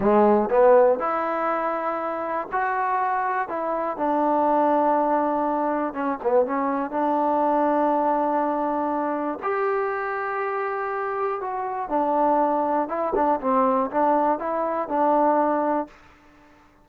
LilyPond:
\new Staff \with { instrumentName = "trombone" } { \time 4/4 \tempo 4 = 121 gis4 b4 e'2~ | e'4 fis'2 e'4 | d'1 | cis'8 b8 cis'4 d'2~ |
d'2. g'4~ | g'2. fis'4 | d'2 e'8 d'8 c'4 | d'4 e'4 d'2 | }